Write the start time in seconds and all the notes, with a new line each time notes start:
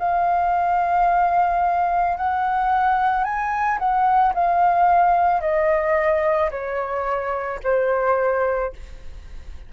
0.00 F5
2.18 F#5
3.24 G#5
3.79 F#5
4.34 F5
5.41 D#5
6.51 C#5
7.64 C5